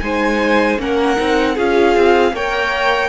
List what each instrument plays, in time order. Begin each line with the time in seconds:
0.00 cello G#3, viola D#4, violin C5 G#5
0.78 cello A#3, viola C#4, violin A#4 F#5
1.16 cello C4, viola D#4
1.55 cello C#4, viola F4, violin G#4 F5
1.96 cello C4
2.32 cello A#3, viola A#4, violin C#5 G5